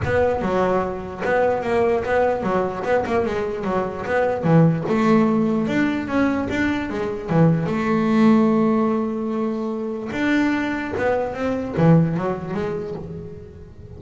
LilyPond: \new Staff \with { instrumentName = "double bass" } { \time 4/4 \tempo 4 = 148 b4 fis2 b4 | ais4 b4 fis4 b8 ais8 | gis4 fis4 b4 e4 | a2 d'4 cis'4 |
d'4 gis4 e4 a4~ | a1~ | a4 d'2 b4 | c'4 e4 fis4 gis4 | }